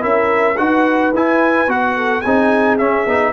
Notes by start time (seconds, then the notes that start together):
0.00 C#4 E4 A#4 E5
0.57 D#4 F#4 B4 F#5
1.13 E4 G#5
1.67 B3 F#4 F#5
1.95 A4
2.21 C4 D#4 G#4 G#5
2.78 C#4 E5
3.06 B3 D#4